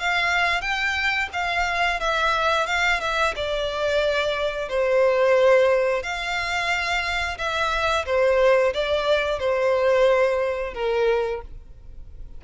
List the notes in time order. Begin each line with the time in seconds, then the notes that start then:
0.00 F5
0.62 G5
1.33 F5
2.00 E5
2.67 F5
3.01 E5
3.36 D5
4.69 C5
6.03 F5
7.38 E5
8.06 C5
8.74 D5
9.40 C5
10.74 A#4